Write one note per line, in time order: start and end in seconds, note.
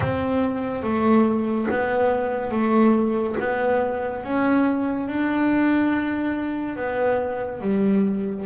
0.00 0.82 C4
0.82 1.67 A3
1.70 2.51 B3
2.51 3.35 A3
3.39 4.23 B3
4.23 5.07 C#4
5.07 6.76 D4
6.76 7.60 B3
7.60 8.45 G3